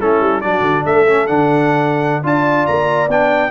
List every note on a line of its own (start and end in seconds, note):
0.00 0.21 A3
0.00 0.43 C#4
0.00 0.43 E4
0.00 0.41 A4
0.21 0.42 G3
0.41 0.61 F#3
0.41 1.07 D4
0.41 0.83 F#4
0.41 0.84 D5
0.61 0.82 D3
0.83 1.29 A3
0.83 2.22 A4
0.83 1.27 E5
1.07 1.28 C#4
1.27 2.24 D3
1.27 2.24 D4
1.27 2.23 F#5
2.24 2.67 D4
2.24 3.09 F4
2.24 3.51 D5
2.24 2.67 A5
2.67 3.08 A#3
2.67 3.09 A#5
3.08 3.51 B3
3.08 3.51 D4
3.08 3.51 G5